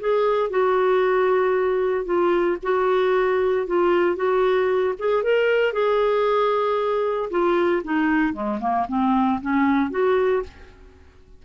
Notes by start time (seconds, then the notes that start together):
0.00 G#4
0.50 F#4
2.05 F4
2.63 F#4
3.67 F4
4.16 F#4
4.99 G#4
5.24 A#4
5.73 G#4
7.31 F4
7.84 D#4
8.33 G#3
8.61 A#3
8.88 C4
9.42 C#4
9.91 F#4